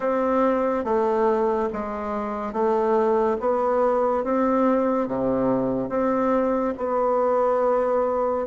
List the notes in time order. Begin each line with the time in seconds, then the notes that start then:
0.00 C4
0.84 A3
1.72 G#3
2.52 A3
3.40 B3
4.24 C4
5.07 C3
5.89 C4
6.77 B3